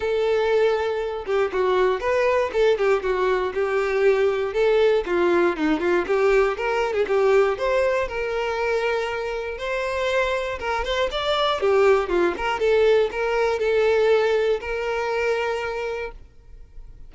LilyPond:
\new Staff \with { instrumentName = "violin" } { \time 4/4 \tempo 4 = 119 a'2~ a'8 g'8 fis'4 | b'4 a'8 g'8 fis'4 g'4~ | g'4 a'4 f'4 dis'8 f'8 | g'4 ais'8. gis'16 g'4 c''4 |
ais'2. c''4~ | c''4 ais'8 c''8 d''4 g'4 | f'8 ais'8 a'4 ais'4 a'4~ | a'4 ais'2. | }